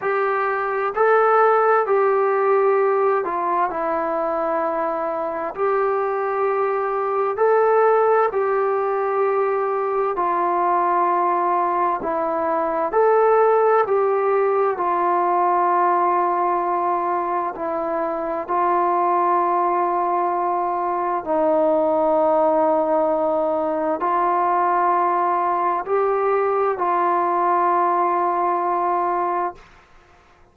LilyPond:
\new Staff \with { instrumentName = "trombone" } { \time 4/4 \tempo 4 = 65 g'4 a'4 g'4. f'8 | e'2 g'2 | a'4 g'2 f'4~ | f'4 e'4 a'4 g'4 |
f'2. e'4 | f'2. dis'4~ | dis'2 f'2 | g'4 f'2. | }